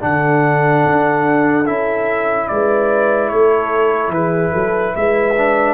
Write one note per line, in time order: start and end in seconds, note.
0.00 0.85 D3
0.00 1.64 D4
0.00 2.50 A4
0.00 1.66 F#5
0.85 1.67 D4
1.65 2.50 C#4
1.65 5.35 E4
1.65 2.48 E5
2.48 3.32 G#3
2.48 3.31 B4
2.48 3.29 D5
3.29 4.08 A3
3.29 4.13 A4
3.29 4.11 C#5
4.08 4.49 E3
4.08 4.52 G#4
4.08 4.95 B4
4.52 4.95 F#3
4.52 4.93 A4
4.96 5.74 G#3
4.96 5.74 B4
4.96 5.74 E5
5.37 5.74 D4